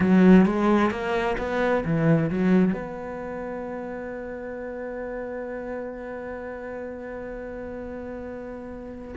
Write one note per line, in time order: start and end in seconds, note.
0.00 0.45 F#3
0.45 0.91 G#3
0.91 1.36 A#3
1.38 1.84 B3
1.84 2.30 E3
2.30 2.73 F#3
2.73 9.14 B3